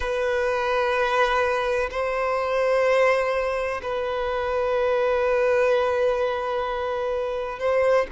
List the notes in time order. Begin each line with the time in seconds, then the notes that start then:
0.00 B4
1.90 C5
3.82 B4
7.59 C5